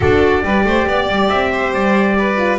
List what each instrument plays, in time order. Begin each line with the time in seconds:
0.00 double bass D4, horn F#4, violin A4, trumpet D5
0.42 double bass G3, horn G4, violin B4
0.64 double bass A3, violin C5
0.86 double bass B3, violin D5
1.08 double bass G3
1.29 double bass C4, trumpet E5
1.51 violin C5
1.73 double bass G3, trumpet D5
2.18 violin B4
2.37 horn F4